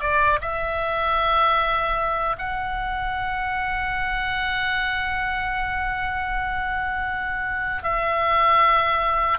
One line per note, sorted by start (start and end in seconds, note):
0.00 0.39 D5
0.41 2.36 E5
2.38 7.83 F#5
7.83 9.38 E5